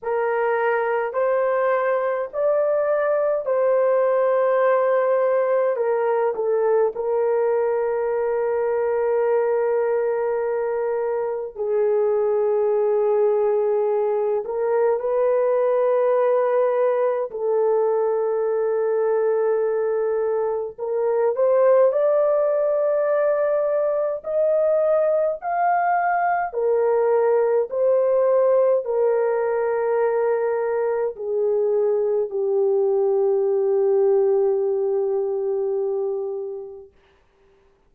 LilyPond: \new Staff \with { instrumentName = "horn" } { \time 4/4 \tempo 4 = 52 ais'4 c''4 d''4 c''4~ | c''4 ais'8 a'8 ais'2~ | ais'2 gis'2~ | gis'8 ais'8 b'2 a'4~ |
a'2 ais'8 c''8 d''4~ | d''4 dis''4 f''4 ais'4 | c''4 ais'2 gis'4 | g'1 | }